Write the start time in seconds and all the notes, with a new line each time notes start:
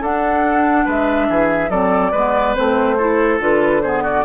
0.00 D4 A4 F#5
0.85 G#3 B4 E5
1.29 E3 G#4
1.69 F#3 C4 A4 D5
2.11 G#3 B3 B4
2.55 A3 C4 C5
2.97 E4 A4
3.39 D3 F4 B4
3.81 B3 G#4 C5
4.03 F#4 D5